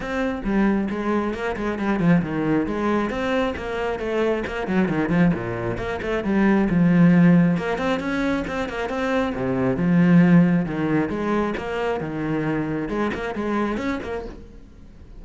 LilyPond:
\new Staff \with { instrumentName = "cello" } { \time 4/4 \tempo 4 = 135 c'4 g4 gis4 ais8 gis8 | g8 f8 dis4 gis4 c'4 | ais4 a4 ais8 fis8 dis8 f8 | ais,4 ais8 a8 g4 f4~ |
f4 ais8 c'8 cis'4 c'8 ais8 | c'4 c4 f2 | dis4 gis4 ais4 dis4~ | dis4 gis8 ais8 gis4 cis'8 ais8 | }